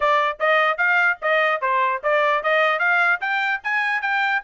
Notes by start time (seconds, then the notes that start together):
0.00 D5
0.39 D#5
0.77 F5
1.21 D#5
1.61 C5
2.03 D5
2.43 D#5
2.79 F5
3.20 G5
3.63 G#5
4.01 G5